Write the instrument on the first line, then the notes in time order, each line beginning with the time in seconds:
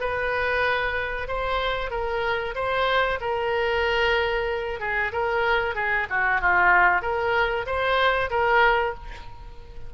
oboe
0.00 B4
1.28 C5
1.91 A#4
2.55 C5
3.20 A#4
4.80 G#4
5.12 A#4
5.75 G#4
6.10 F#4
6.41 F4
7.02 A#4
7.66 C5
8.30 A#4